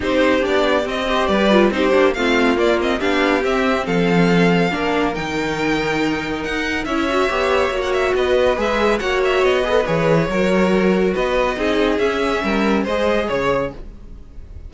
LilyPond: <<
  \new Staff \with { instrumentName = "violin" } { \time 4/4 \tempo 4 = 140 c''4 d''4 dis''4 d''4 | c''4 f''4 d''8 dis''8 f''4 | e''4 f''2. | g''2. fis''4 |
e''2~ e''16 fis''16 e''8 dis''4 | e''4 fis''8 e''8 dis''4 cis''4~ | cis''2 dis''2 | e''2 dis''4 cis''4 | }
  \new Staff \with { instrumentName = "violin" } { \time 4/4 g'2~ g'8 c''8 b'4 | g'4 f'2 g'4~ | g'4 a'2 ais'4~ | ais'1 |
cis''2. b'4~ | b'4 cis''4. b'4. | ais'2 b'4 gis'4~ | gis'4 ais'4 c''4 cis''4 | }
  \new Staff \with { instrumentName = "viola" } { \time 4/4 dis'4 d'4 c'8 g'4 f'8 | dis'8 d'8 c'4 ais8 c'8 d'4 | c'2. d'4 | dis'1 |
e'8 fis'8 g'4 fis'2 | gis'4 fis'4. gis'16 a'16 gis'4 | fis'2. dis'4 | cis'2 gis'2 | }
  \new Staff \with { instrumentName = "cello" } { \time 4/4 c'4 b4 c'4 g4 | c'8 ais8 a4 ais4 b4 | c'4 f2 ais4 | dis2. dis'4 |
cis'4 b4 ais4 b4 | gis4 ais4 b4 e4 | fis2 b4 c'4 | cis'4 g4 gis4 cis4 | }
>>